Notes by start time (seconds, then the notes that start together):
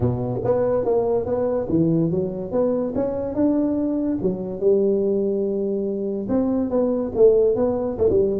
0.00 B2
0.44 B3
0.84 A#3
1.25 B3
1.69 E3
2.11 F#3
2.51 B3
2.95 C#4
3.34 D4
4.22 F#3
4.59 G3
6.29 C4
6.70 B3
7.15 A3
7.55 B3
7.98 A3
8.10 G3